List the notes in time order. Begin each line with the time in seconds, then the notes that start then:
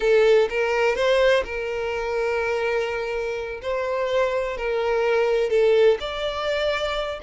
0.00 A4
0.49 A#4
0.95 C5
1.44 A#4
3.62 C5
4.57 A#4
5.50 A4
6.00 D5